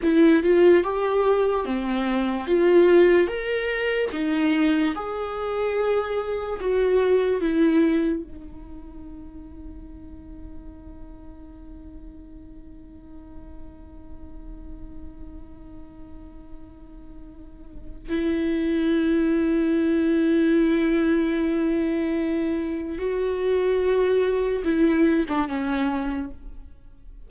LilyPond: \new Staff \with { instrumentName = "viola" } { \time 4/4 \tempo 4 = 73 e'8 f'8 g'4 c'4 f'4 | ais'4 dis'4 gis'2 | fis'4 e'4 dis'2~ | dis'1~ |
dis'1~ | dis'2 e'2~ | e'1 | fis'2 e'8. d'16 cis'4 | }